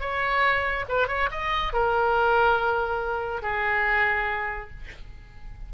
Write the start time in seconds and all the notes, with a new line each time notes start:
0.00 C#5
0.89 B4
1.08 C#5
1.31 D#5
1.73 A#4
3.42 G#4